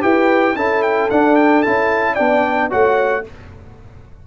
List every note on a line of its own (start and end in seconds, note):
0.00 0.55 E4
0.00 0.54 G4
0.00 0.55 B4
0.00 0.56 G5
0.55 1.09 C#4
0.55 1.10 E4
0.55 2.13 A4
0.55 0.82 A5
0.82 1.09 G5
1.10 1.65 D4
1.10 1.64 D4
1.10 1.35 F#5
1.35 1.62 G5
1.62 2.19 C#4
1.62 2.17 E4
1.62 2.14 A5
2.13 2.72 B3
2.13 2.70 D4
2.13 2.66 D5
2.13 2.68 G5
2.69 3.26 A3
2.69 3.23 F#4
2.69 3.23 C#5
2.69 3.25 F#5